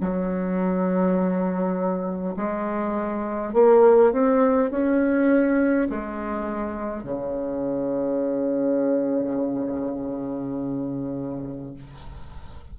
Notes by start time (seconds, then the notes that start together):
0.00 F#3
2.36 G#3
3.53 A#3
4.12 C4
4.70 C#4
5.89 G#3
7.03 C#3